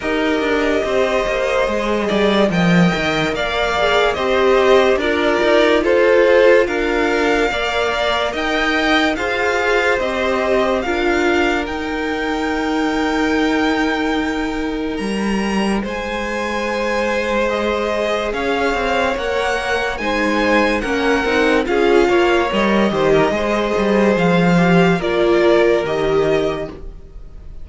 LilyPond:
<<
  \new Staff \with { instrumentName = "violin" } { \time 4/4 \tempo 4 = 72 dis''2. g''4 | f''4 dis''4 d''4 c''4 | f''2 g''4 f''4 | dis''4 f''4 g''2~ |
g''2 ais''4 gis''4~ | gis''4 dis''4 f''4 fis''4 | gis''4 fis''4 f''4 dis''4~ | dis''4 f''4 d''4 dis''4 | }
  \new Staff \with { instrumentName = "violin" } { \time 4/4 ais'4 c''4. d''8 dis''4 | d''4 c''4 ais'4 a'4 | ais'4 d''4 dis''4 c''4~ | c''4 ais'2.~ |
ais'2. c''4~ | c''2 cis''2 | c''4 ais'4 gis'8 cis''4 c''16 ais'16 | c''2 ais'2 | }
  \new Staff \with { instrumentName = "viola" } { \time 4/4 g'2 gis'4 ais'4~ | ais'8 gis'8 g'4 f'2~ | f'4 ais'2 gis'4 | g'4 f'4 dis'2~ |
dis'1~ | dis'4 gis'2 ais'4 | dis'4 cis'8 dis'8 f'4 ais'8 g'8 | gis'4. g'8 f'4 g'4 | }
  \new Staff \with { instrumentName = "cello" } { \time 4/4 dis'8 d'8 c'8 ais8 gis8 g8 f8 dis8 | ais4 c'4 d'8 dis'8 f'4 | d'4 ais4 dis'4 f'4 | c'4 d'4 dis'2~ |
dis'2 g4 gis4~ | gis2 cis'8 c'8 ais4 | gis4 ais8 c'8 cis'8 ais8 g8 dis8 | gis8 g8 f4 ais4 dis4 | }
>>